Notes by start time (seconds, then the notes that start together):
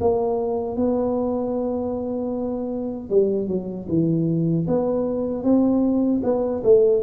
0.00 A#3
0.77 B3
3.10 G3
3.47 F#3
3.89 E3
4.67 B3
5.43 C4
6.23 B3
6.63 A3